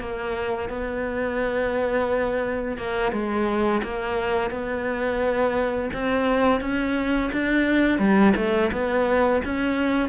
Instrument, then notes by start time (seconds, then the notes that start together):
cello
0.00 A#3
0.69 B3
2.77 A#3
3.12 G#3
3.83 A#3
4.50 B3
5.93 C4
6.61 C#4
7.33 D4
7.99 G3
8.36 A3
8.72 B3
9.45 C#4